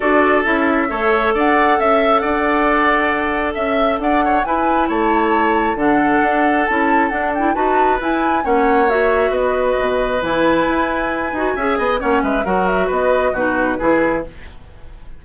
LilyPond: <<
  \new Staff \with { instrumentName = "flute" } { \time 4/4 \tempo 4 = 135 d''4 e''2 fis''4 | e''4 fis''2. | e''4 fis''4 gis''4 a''4~ | a''4 fis''2 a''4 |
fis''8 g''8 a''4 gis''4 fis''4 | e''4 dis''2 gis''4~ | gis''2. fis''8 e''8 | fis''8 e''8 dis''4 b'2 | }
  \new Staff \with { instrumentName = "oboe" } { \time 4/4 a'2 cis''4 d''4 | e''4 d''2. | e''4 d''8 cis''8 b'4 cis''4~ | cis''4 a'2.~ |
a'4 b'2 cis''4~ | cis''4 b'2.~ | b'2 e''8 dis''8 cis''8 b'8 | ais'4 b'4 fis'4 gis'4 | }
  \new Staff \with { instrumentName = "clarinet" } { \time 4/4 fis'4 e'4 a'2~ | a'1~ | a'2 e'2~ | e'4 d'2 e'4 |
d'8 e'8 fis'4 e'4 cis'4 | fis'2. e'4~ | e'4. fis'8 gis'4 cis'4 | fis'2 dis'4 e'4 | }
  \new Staff \with { instrumentName = "bassoon" } { \time 4/4 d'4 cis'4 a4 d'4 | cis'4 d'2. | cis'4 d'4 e'4 a4~ | a4 d4 d'4 cis'4 |
d'4 dis'4 e'4 ais4~ | ais4 b4 b,4 e4 | e'4. dis'8 cis'8 b8 ais8 gis8 | fis4 b4 b,4 e4 | }
>>